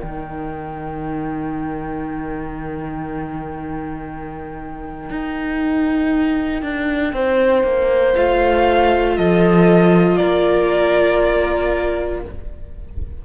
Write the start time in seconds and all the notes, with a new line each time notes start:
0.00 D#3 D#4 A#4 G5
5.10 D#4
6.62 D4
7.13 C4 C5
7.64 A#3
8.15 A3 F4 F5
9.17 F3 A4 D#5
10.17 A#3 A#4 D5